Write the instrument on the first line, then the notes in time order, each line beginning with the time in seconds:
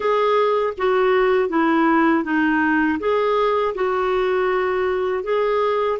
clarinet
0.00 G#4
0.77 F#4
1.49 E4
2.23 D#4
2.99 G#4
3.75 F#4
5.23 G#4